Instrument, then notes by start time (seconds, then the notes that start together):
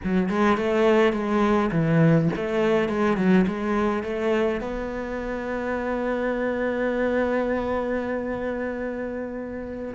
cello
0.03 F#3
0.29 G#3
0.57 A3
1.12 G#3
1.71 E3
2.35 A3
2.88 G#3
3.16 F#3
3.47 G#3
4.03 A3
4.60 B3